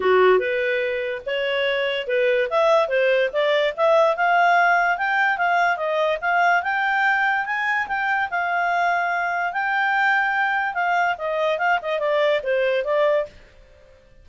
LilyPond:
\new Staff \with { instrumentName = "clarinet" } { \time 4/4 \tempo 4 = 145 fis'4 b'2 cis''4~ | cis''4 b'4 e''4 c''4 | d''4 e''4 f''2 | g''4 f''4 dis''4 f''4 |
g''2 gis''4 g''4 | f''2. g''4~ | g''2 f''4 dis''4 | f''8 dis''8 d''4 c''4 d''4 | }